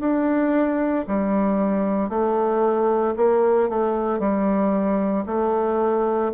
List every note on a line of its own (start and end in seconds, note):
0.00 1.05 D4
1.07 2.09 G3
2.09 3.14 A3
3.17 3.69 A#3
3.69 4.20 A3
4.20 5.25 G3
5.26 6.32 A3